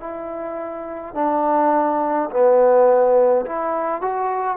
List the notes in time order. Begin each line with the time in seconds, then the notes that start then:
0.00 E4
1.15 D4
2.30 B3
3.46 E4
4.02 F#4